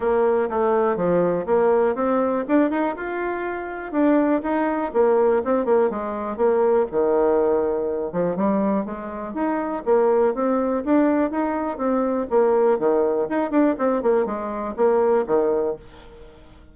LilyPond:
\new Staff \with { instrumentName = "bassoon" } { \time 4/4 \tempo 4 = 122 ais4 a4 f4 ais4 | c'4 d'8 dis'8 f'2 | d'4 dis'4 ais4 c'8 ais8 | gis4 ais4 dis2~ |
dis8 f8 g4 gis4 dis'4 | ais4 c'4 d'4 dis'4 | c'4 ais4 dis4 dis'8 d'8 | c'8 ais8 gis4 ais4 dis4 | }